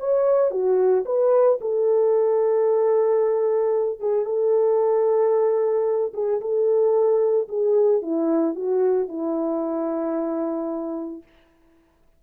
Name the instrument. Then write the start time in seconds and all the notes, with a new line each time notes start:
horn
0.00 C#5
0.51 F#4
1.06 B4
1.61 A4
4.00 G#4
4.26 A4
6.14 G#4
6.41 A4
7.49 G#4
8.02 E4
8.56 F#4
9.09 E4